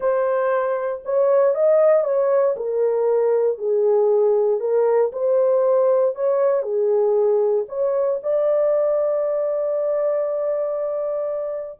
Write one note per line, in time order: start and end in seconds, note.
0.00 1.02 C5
1.04 1.55 C#5
1.55 2.03 D#5
2.03 2.55 C#5
2.56 3.58 A#4
3.58 4.60 G#4
4.60 5.11 A#4
5.12 6.15 C5
6.15 6.62 C#5
6.62 7.65 G#4
7.68 8.19 C#5
8.22 11.79 D5